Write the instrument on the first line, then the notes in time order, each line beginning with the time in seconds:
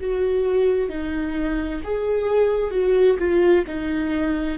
viola
0.00 F#4
0.89 D#4
1.83 G#4
2.71 F#4
3.18 F4
3.67 D#4